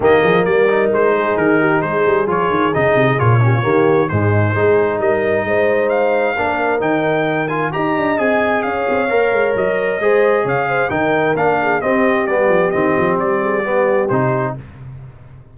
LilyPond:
<<
  \new Staff \with { instrumentName = "trumpet" } { \time 4/4 \tempo 4 = 132 dis''4 d''4 c''4 ais'4 | c''4 cis''4 dis''4 cis''4~ | cis''4 c''2 dis''4~ | dis''4 f''2 g''4~ |
g''8 gis''8 ais''4 gis''4 f''4~ | f''4 dis''2 f''4 | g''4 f''4 dis''4 d''4 | dis''4 d''2 c''4 | }
  \new Staff \with { instrumentName = "horn" } { \time 4/4 g'8 gis'8 ais'4. gis'4 g'8 | gis'2.~ gis'8 g'16 f'16 | g'4 dis'4 gis'4 ais'4 | c''2 ais'2~ |
ais'4 dis''2 cis''4~ | cis''2 c''4 cis''8 c''8 | ais'4. gis'8 g'2~ | g'4. gis'8 g'2 | }
  \new Staff \with { instrumentName = "trombone" } { \time 4/4 ais4. dis'2~ dis'8~ | dis'4 f'4 dis'4 f'8 cis'8 | ais4 gis4 dis'2~ | dis'2 d'4 dis'4~ |
dis'8 f'8 g'4 gis'2 | ais'2 gis'2 | dis'4 d'4 c'4 b4 | c'2 b4 dis'4 | }
  \new Staff \with { instrumentName = "tuba" } { \time 4/4 dis8 f8 g4 gis4 dis4 | gis8 g8 f8 dis8 cis8 c8 ais,4 | dis4 gis,4 gis4 g4 | gis2 ais4 dis4~ |
dis4 dis'8 d'8 c'4 cis'8 c'8 | ais8 gis8 fis4 gis4 cis4 | dis4 ais4 c'4 g8 f8 | dis8 f8 g2 c4 | }
>>